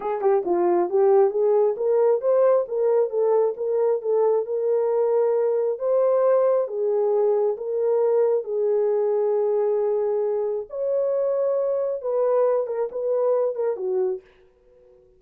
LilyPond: \new Staff \with { instrumentName = "horn" } { \time 4/4 \tempo 4 = 135 gis'8 g'8 f'4 g'4 gis'4 | ais'4 c''4 ais'4 a'4 | ais'4 a'4 ais'2~ | ais'4 c''2 gis'4~ |
gis'4 ais'2 gis'4~ | gis'1 | cis''2. b'4~ | b'8 ais'8 b'4. ais'8 fis'4 | }